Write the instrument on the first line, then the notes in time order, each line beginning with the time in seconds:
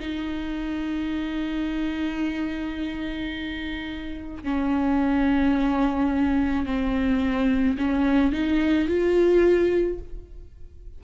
viola
0.00 D#4
4.44 C#4
6.66 C4
7.78 C#4
8.33 D#4
8.88 F4